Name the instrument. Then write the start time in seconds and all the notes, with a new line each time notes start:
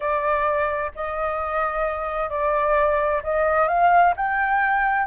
flute
0.00 D5
0.95 D#5
2.29 D5
3.23 D#5
3.67 F5
4.16 G5